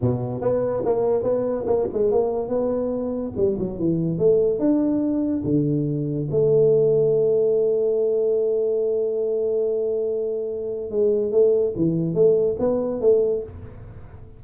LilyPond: \new Staff \with { instrumentName = "tuba" } { \time 4/4 \tempo 4 = 143 b,4 b4 ais4 b4 | ais8 gis8 ais4 b2 | g8 fis8 e4 a4 d'4~ | d'4 d2 a4~ |
a1~ | a1~ | a2 gis4 a4 | e4 a4 b4 a4 | }